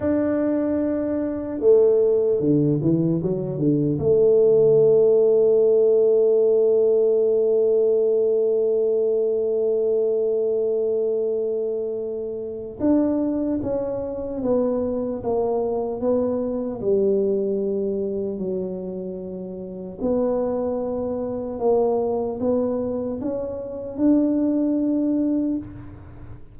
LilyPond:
\new Staff \with { instrumentName = "tuba" } { \time 4/4 \tempo 4 = 75 d'2 a4 d8 e8 | fis8 d8 a2.~ | a1~ | a1 |
d'4 cis'4 b4 ais4 | b4 g2 fis4~ | fis4 b2 ais4 | b4 cis'4 d'2 | }